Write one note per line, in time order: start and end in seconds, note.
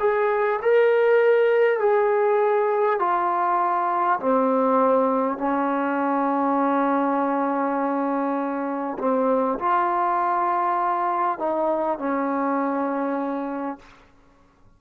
0.00 0.60 G#4
0.62 1.79 A#4
1.79 2.99 G#4
2.99 4.19 F4
4.20 5.38 C4
5.38 8.98 C#4
8.99 9.59 C4
9.59 11.39 F4
11.39 11.99 D#4
11.99 13.79 C#4